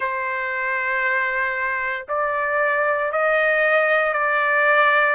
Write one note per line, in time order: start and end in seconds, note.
0.00 2.05 C5
2.08 3.11 D5
3.11 4.13 D#5
4.13 5.15 D5